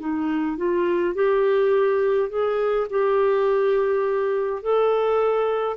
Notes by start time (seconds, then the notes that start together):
0.00 D#4
0.58 F4
1.15 G4
2.30 G#4
2.90 G4
4.63 A4